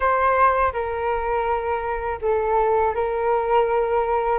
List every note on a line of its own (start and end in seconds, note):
0.00 0.72 C5
0.73 2.19 A#4
2.21 2.94 A4
2.94 4.38 A#4